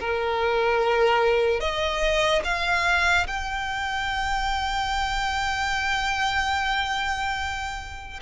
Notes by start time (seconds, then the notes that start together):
0.00 A#4
1.60 D#5
2.45 F5
3.28 G5